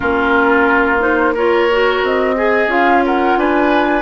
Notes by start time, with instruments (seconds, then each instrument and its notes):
0.00 bassoon A#3, clarinet C#4, oboe F4, flute A#4
0.99 clarinet D#4, flute C5
1.33 clarinet F4, oboe A#4, flute C#5
1.71 clarinet F#4
2.02 bassoon C4, flute D#5
2.36 clarinet G#4, oboe G#4
2.66 bassoon C#4, clarinet F4, flute F5
3.05 oboe A#4, flute F#5
3.36 bassoon D4, oboe B4, flute G#5